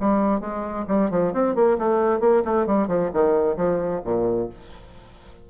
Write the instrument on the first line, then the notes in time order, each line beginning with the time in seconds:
bassoon
0.00 G3
0.40 G#3
0.88 G3
1.11 F3
1.33 C4
1.55 A#3
1.78 A3
2.20 A#3
2.45 A3
2.66 G3
2.87 F3
3.13 D#3
3.56 F3
4.04 A#2